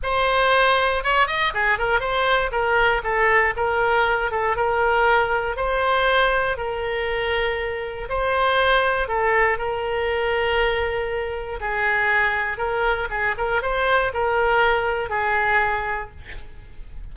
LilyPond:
\new Staff \with { instrumentName = "oboe" } { \time 4/4 \tempo 4 = 119 c''2 cis''8 dis''8 gis'8 ais'8 | c''4 ais'4 a'4 ais'4~ | ais'8 a'8 ais'2 c''4~ | c''4 ais'2. |
c''2 a'4 ais'4~ | ais'2. gis'4~ | gis'4 ais'4 gis'8 ais'8 c''4 | ais'2 gis'2 | }